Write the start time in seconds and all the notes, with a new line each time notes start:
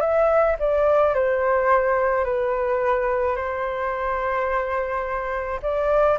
0.00 E5
0.59 D5
1.14 C5
2.24 B4
3.36 C5
5.62 D5